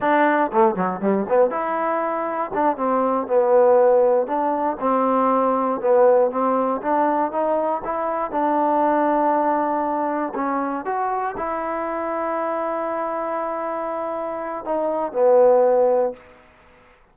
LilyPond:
\new Staff \with { instrumentName = "trombone" } { \time 4/4 \tempo 4 = 119 d'4 a8 fis8 g8 b8 e'4~ | e'4 d'8 c'4 b4.~ | b8 d'4 c'2 b8~ | b8 c'4 d'4 dis'4 e'8~ |
e'8 d'2.~ d'8~ | d'8 cis'4 fis'4 e'4.~ | e'1~ | e'4 dis'4 b2 | }